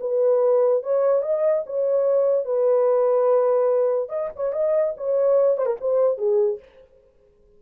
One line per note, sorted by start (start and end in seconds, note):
0.00 0.83 B4
0.83 1.22 C#5
1.22 1.63 D#5
1.66 2.45 C#5
2.45 4.09 B4
4.09 4.29 D#5
4.35 4.53 C#5
4.53 4.94 D#5
4.97 5.57 C#5
5.57 5.65 C5
5.65 5.76 A#4
5.80 6.17 C5
6.17 6.59 G#4